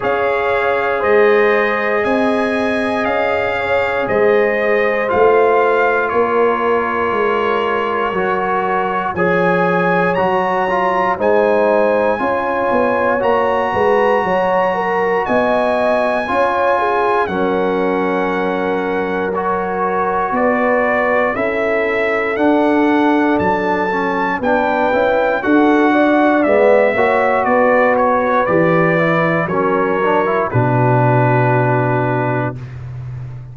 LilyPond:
<<
  \new Staff \with { instrumentName = "trumpet" } { \time 4/4 \tempo 4 = 59 f''4 dis''4 gis''4 f''4 | dis''4 f''4 cis''2~ | cis''4 gis''4 ais''4 gis''4~ | gis''4 ais''2 gis''4~ |
gis''4 fis''2 cis''4 | d''4 e''4 fis''4 a''4 | g''4 fis''4 e''4 d''8 cis''8 | d''4 cis''4 b'2 | }
  \new Staff \with { instrumentName = "horn" } { \time 4/4 cis''4 c''4 dis''4. cis''8 | c''2 ais'2~ | ais'4 cis''2 c''4 | cis''4. b'8 cis''8 ais'8 dis''4 |
cis''8 gis'8 ais'2. | b'4 a'2. | b'4 a'8 d''4 cis''8 b'4~ | b'4 ais'4 fis'2 | }
  \new Staff \with { instrumentName = "trombone" } { \time 4/4 gis'1~ | gis'4 f'2. | fis'4 gis'4 fis'8 f'8 dis'4 | f'4 fis'2. |
f'4 cis'2 fis'4~ | fis'4 e'4 d'4. cis'8 | d'8 e'8 fis'4 b8 fis'4. | g'8 e'8 cis'8 d'16 e'16 d'2 | }
  \new Staff \with { instrumentName = "tuba" } { \time 4/4 cis'4 gis4 c'4 cis'4 | gis4 a4 ais4 gis4 | fis4 f4 fis4 gis4 | cis'8 b8 ais8 gis8 fis4 b4 |
cis'4 fis2. | b4 cis'4 d'4 fis4 | b8 cis'8 d'4 gis8 ais8 b4 | e4 fis4 b,2 | }
>>